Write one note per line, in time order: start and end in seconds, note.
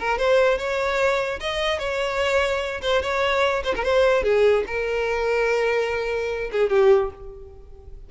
0.00 0.18 A#4
0.18 0.58 C5
0.58 1.40 C#5
1.40 1.79 D#5
1.79 2.81 C#5
2.82 3.02 C5
3.02 3.64 C#5
3.65 3.75 C5
3.75 3.84 A#4
3.84 4.24 C5
4.24 4.65 G#4
4.67 6.51 A#4
6.52 6.70 G#4
6.70 7.11 G4